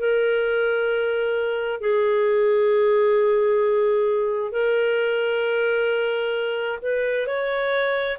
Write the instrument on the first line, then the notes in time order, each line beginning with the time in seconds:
clarinet
0.00 A#4
1.81 G#4
4.52 A#4
6.83 B4
7.27 C#5